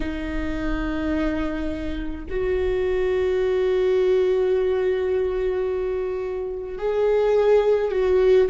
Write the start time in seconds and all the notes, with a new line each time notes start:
0.00 D#4
2.29 F#4
6.78 G#4
7.91 F#4